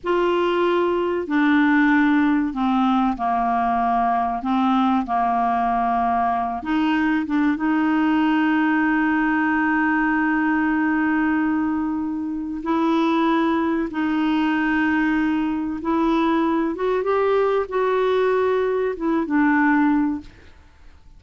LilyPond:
\new Staff \with { instrumentName = "clarinet" } { \time 4/4 \tempo 4 = 95 f'2 d'2 | c'4 ais2 c'4 | ais2~ ais8 dis'4 d'8 | dis'1~ |
dis'1 | e'2 dis'2~ | dis'4 e'4. fis'8 g'4 | fis'2 e'8 d'4. | }